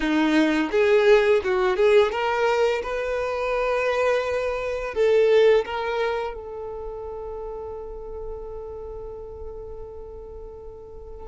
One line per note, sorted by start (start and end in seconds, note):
0.00 0.70 D#4
0.71 1.41 G#4
1.43 1.76 F#4
1.76 2.11 G#4
2.11 2.82 A#4
2.82 4.94 B4
4.94 5.65 A4
5.65 6.33 A#4
6.33 11.27 A4